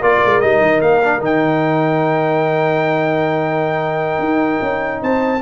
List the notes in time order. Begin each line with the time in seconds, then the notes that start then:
0.00 A#3 F4 A#4 D5
0.25 G#3
0.41 G3 D#4 D#5
0.61 D#3
0.81 A#3 F5
1.03 D4
1.19 D#3 D#4 G5
4.19 D#4
4.61 C#4
5.02 C4 C5 A5